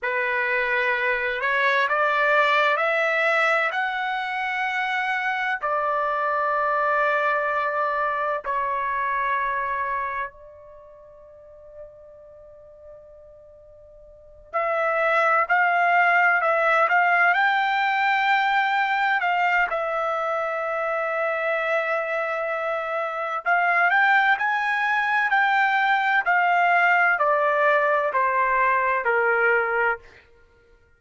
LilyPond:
\new Staff \with { instrumentName = "trumpet" } { \time 4/4 \tempo 4 = 64 b'4. cis''8 d''4 e''4 | fis''2 d''2~ | d''4 cis''2 d''4~ | d''2.~ d''8 e''8~ |
e''8 f''4 e''8 f''8 g''4.~ | g''8 f''8 e''2.~ | e''4 f''8 g''8 gis''4 g''4 | f''4 d''4 c''4 ais'4 | }